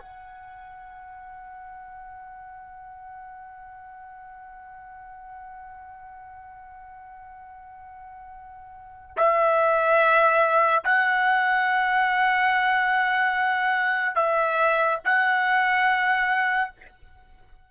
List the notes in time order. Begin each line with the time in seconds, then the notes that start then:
0.00 F#5
9.17 E5
10.84 F#5
14.16 E5
15.05 F#5